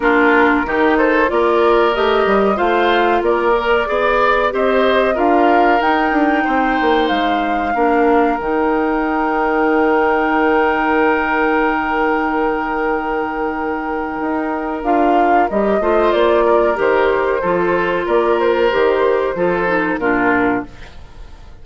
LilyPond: <<
  \new Staff \with { instrumentName = "flute" } { \time 4/4 \tempo 4 = 93 ais'4. c''8 d''4 dis''4 | f''4 d''2 dis''4 | f''4 g''2 f''4~ | f''4 g''2.~ |
g''1~ | g''2. f''4 | dis''4 d''4 c''2 | d''8 c''2~ c''8 ais'4 | }
  \new Staff \with { instrumentName = "oboe" } { \time 4/4 f'4 g'8 a'8 ais'2 | c''4 ais'4 d''4 c''4 | ais'2 c''2 | ais'1~ |
ais'1~ | ais'1~ | ais'8 c''4 ais'4. a'4 | ais'2 a'4 f'4 | }
  \new Staff \with { instrumentName = "clarinet" } { \time 4/4 d'4 dis'4 f'4 g'4 | f'4. ais'8 gis'4 g'4 | f'4 dis'2. | d'4 dis'2.~ |
dis'1~ | dis'2. f'4 | g'8 f'4. g'4 f'4~ | f'4 g'4 f'8 dis'8 d'4 | }
  \new Staff \with { instrumentName = "bassoon" } { \time 4/4 ais4 dis4 ais4 a8 g8 | a4 ais4 b4 c'4 | d'4 dis'8 d'8 c'8 ais8 gis4 | ais4 dis2.~ |
dis1~ | dis2 dis'4 d'4 | g8 a8 ais4 dis4 f4 | ais4 dis4 f4 ais,4 | }
>>